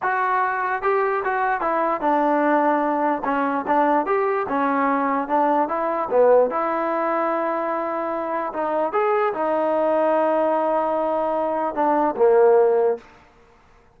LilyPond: \new Staff \with { instrumentName = "trombone" } { \time 4/4 \tempo 4 = 148 fis'2 g'4 fis'4 | e'4 d'2. | cis'4 d'4 g'4 cis'4~ | cis'4 d'4 e'4 b4 |
e'1~ | e'4 dis'4 gis'4 dis'4~ | dis'1~ | dis'4 d'4 ais2 | }